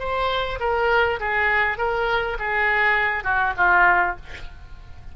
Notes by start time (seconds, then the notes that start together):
0.00 C5
0.60 A#4
1.20 G#4
1.78 A#4
2.40 G#4
3.24 F#4
3.58 F4